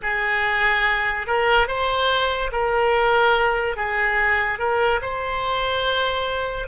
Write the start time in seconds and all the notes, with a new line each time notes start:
0.02 G#4
1.27 A#4
1.67 C5
2.52 A#4
3.76 G#4
4.58 A#4
5.01 C5